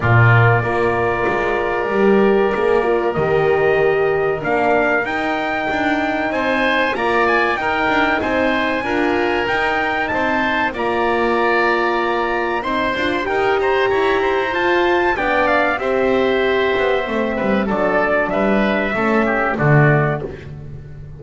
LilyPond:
<<
  \new Staff \with { instrumentName = "trumpet" } { \time 4/4 \tempo 4 = 95 d''1~ | d''4 dis''2 f''4 | g''2 gis''4 ais''8 gis''8 | g''4 gis''2 g''4 |
a''4 ais''2. | c'''4 g''8 ais''4. a''4 | g''8 f''8 e''2. | d''4 e''2 d''4 | }
  \new Staff \with { instrumentName = "oboe" } { \time 4/4 f'4 ais'2.~ | ais'1~ | ais'2 c''4 d''4 | ais'4 c''4 ais'2 |
c''4 d''2. | c''4 ais'8 c''8 cis''8 c''4. | d''4 c''2~ c''8 b'8 | a'4 b'4 a'8 g'8 fis'4 | }
  \new Staff \with { instrumentName = "horn" } { \time 4/4 ais4 f'2 g'4 | gis'8 f'8 g'2 d'4 | dis'2. f'4 | dis'2 f'4 dis'4~ |
dis'4 f'2. | dis'8 f'8 g'2 f'4 | d'4 g'2 c'4 | d'2 cis'4 a4 | }
  \new Staff \with { instrumentName = "double bass" } { \time 4/4 ais,4 ais4 gis4 g4 | ais4 dis2 ais4 | dis'4 d'4 c'4 ais4 | dis'8 d'8 c'4 d'4 dis'4 |
c'4 ais2. | c'8 d'8 dis'4 e'4 f'4 | b4 c'4. b8 a8 g8 | fis4 g4 a4 d4 | }
>>